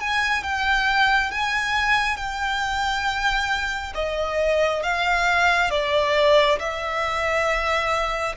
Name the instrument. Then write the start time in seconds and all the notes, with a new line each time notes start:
violin
0.00 G#5
0.43 G5
1.31 G#5
2.17 G5
3.94 D#5
4.82 F5
5.70 D5
6.59 E5